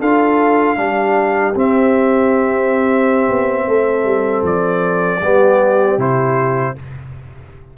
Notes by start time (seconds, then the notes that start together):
0.00 D4 F4 A4 F5
0.77 G3 D4 G4
1.55 C4 E5
3.29 B3
3.67 A3 A4
4.04 G3
4.43 F3 D5
5.21 G3 B3 G4
5.98 C3 E4 C5